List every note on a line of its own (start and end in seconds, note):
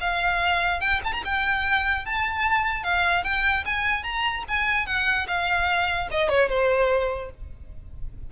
0.00 0.80 F5
0.80 1.00 G5
1.04 1.12 A5
1.12 1.22 A#5
1.24 2.05 G5
2.05 2.83 A5
2.83 3.23 F5
3.23 3.64 G5
3.65 4.03 G#5
4.03 4.44 A#5
4.48 4.86 G#5
4.86 5.26 F#5
5.27 6.08 F5
6.11 6.29 D#5
6.29 6.49 C#5
6.49 7.30 C5